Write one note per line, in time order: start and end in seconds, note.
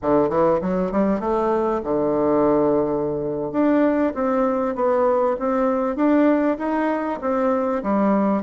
0.02 0.29 D3
0.29 0.60 E3
0.61 0.91 F#3
0.91 1.19 G3
1.19 1.81 A3
1.83 3.52 D3
3.52 4.13 D4
4.14 4.74 C4
4.74 5.36 B3
5.39 5.96 C4
5.96 6.57 D4
6.58 7.19 D#4
7.21 7.82 C4
7.82 8.42 G3